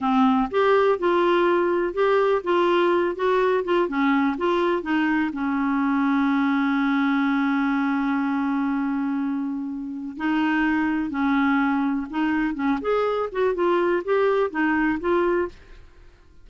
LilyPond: \new Staff \with { instrumentName = "clarinet" } { \time 4/4 \tempo 4 = 124 c'4 g'4 f'2 | g'4 f'4. fis'4 f'8 | cis'4 f'4 dis'4 cis'4~ | cis'1~ |
cis'1~ | cis'4 dis'2 cis'4~ | cis'4 dis'4 cis'8 gis'4 fis'8 | f'4 g'4 dis'4 f'4 | }